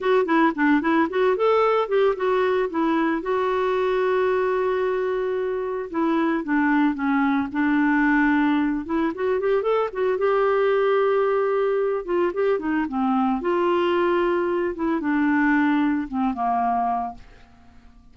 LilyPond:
\new Staff \with { instrumentName = "clarinet" } { \time 4/4 \tempo 4 = 112 fis'8 e'8 d'8 e'8 fis'8 a'4 g'8 | fis'4 e'4 fis'2~ | fis'2. e'4 | d'4 cis'4 d'2~ |
d'8 e'8 fis'8 g'8 a'8 fis'8 g'4~ | g'2~ g'8 f'8 g'8 dis'8 | c'4 f'2~ f'8 e'8 | d'2 c'8 ais4. | }